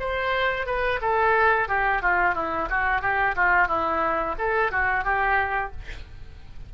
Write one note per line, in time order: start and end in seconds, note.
0.00 0.66 C5
0.66 1.00 B4
1.01 1.69 A4
1.69 2.02 G4
2.02 2.35 F4
2.35 2.69 E4
2.70 3.02 F#4
3.02 3.35 G4
3.36 3.68 F4
3.68 4.35 E4
4.39 4.72 A4
4.72 5.04 F#4
5.04 5.72 G4